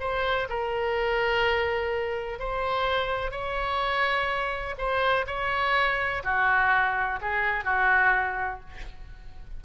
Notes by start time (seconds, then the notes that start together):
0.00 C5
0.49 A#4
2.40 C5
3.31 C#5
4.78 C5
5.27 C#5
6.24 F#4
7.22 G#4
7.65 F#4